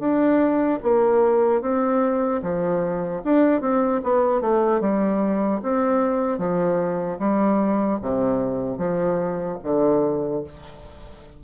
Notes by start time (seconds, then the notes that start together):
0.00 D4
0.83 A#3
1.62 C4
2.43 F3
3.25 D4
3.61 C4
4.04 B3
4.41 A3
4.81 G3
5.63 C4
6.39 F3
7.19 G3
8.02 C3
8.78 F3
9.64 D3